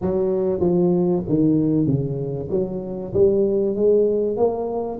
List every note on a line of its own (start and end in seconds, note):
0.01 0.60 F#3
0.60 1.22 F3
1.28 1.86 D#3
1.86 2.49 C#3
2.50 3.12 F#3
3.13 3.75 G3
3.75 4.36 G#3
4.36 4.99 A#3